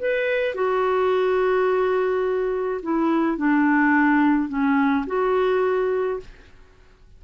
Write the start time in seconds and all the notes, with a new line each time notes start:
0.00 B4
0.55 F#4
2.83 E4
3.38 D4
4.49 C#4
5.07 F#4